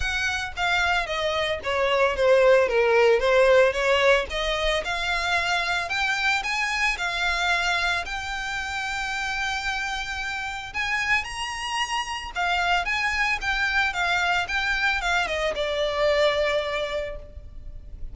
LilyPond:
\new Staff \with { instrumentName = "violin" } { \time 4/4 \tempo 4 = 112 fis''4 f''4 dis''4 cis''4 | c''4 ais'4 c''4 cis''4 | dis''4 f''2 g''4 | gis''4 f''2 g''4~ |
g''1 | gis''4 ais''2 f''4 | gis''4 g''4 f''4 g''4 | f''8 dis''8 d''2. | }